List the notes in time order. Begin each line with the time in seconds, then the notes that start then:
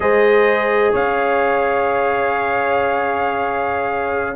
0.00 G#3 G#4 C5 D#5
0.92 C#4 C#5 F5